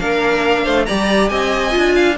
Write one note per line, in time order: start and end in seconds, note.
0.00 0.67 A#3
0.00 0.88 D4
0.00 0.64 A#4
0.00 0.86 F5
0.64 0.88 A3
0.64 0.86 C5
0.86 1.31 G3
0.86 1.71 G4
0.86 1.31 D5
0.86 1.29 A#5
1.29 1.75 C4
1.29 1.96 D#5
1.29 2.16 G#5
1.71 2.18 D4
1.71 2.15 F4
1.96 2.17 F5